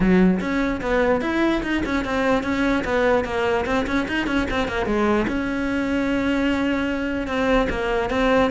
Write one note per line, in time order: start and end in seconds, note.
0.00 0.39 F#3
0.40 0.80 C#4
0.81 1.21 B3
1.21 1.61 E4
1.62 1.82 D#4
1.85 2.05 C#4
2.05 2.43 C4
2.43 2.83 C#4
2.84 3.24 B3
3.24 3.65 A#3
3.65 3.86 C4
3.86 4.07 C#4
4.07 4.26 D#4
4.26 4.47 C#4
4.50 4.68 C4
4.68 4.85 A#3
4.85 5.26 G#3
5.27 7.27 C#4
7.27 7.67 C4
7.69 8.10 A#3
8.10 8.50 C4